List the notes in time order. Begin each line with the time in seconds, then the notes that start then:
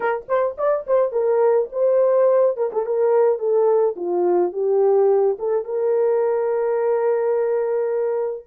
0.00 A#4
0.28 C5
0.57 D5
0.86 C5
1.12 A#4
1.72 C5
2.56 A#4
2.72 A4
2.86 A#4
3.38 A4
3.95 F4
4.52 G4
5.39 A4
5.64 A#4